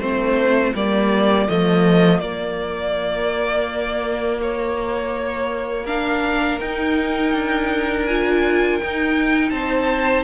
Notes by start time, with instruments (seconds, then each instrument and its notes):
0.00 cello A3, viola C4, violin F4 C5
0.75 cello G3, viola A#3, violin D5
1.48 cello F3, viola A3, violin D#5
2.20 viola A#3, cello A#3, violin D5
4.42 violin C#5
5.85 viola D4, violin A#4 F5
6.61 cello D#4, viola D#4, violin G5
7.33 cello D4
8.06 viola F4, violin G#5
8.79 viola D#4, cello D#4, violin G5
9.50 cello C4, violin C5 A5